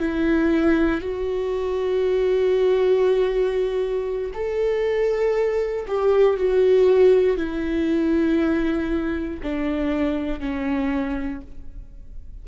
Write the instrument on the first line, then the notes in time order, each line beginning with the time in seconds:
viola
0.00 E4
1.02 F#4
4.34 A4
5.88 G4
6.37 F#4
7.37 E4
9.43 D4
10.40 C#4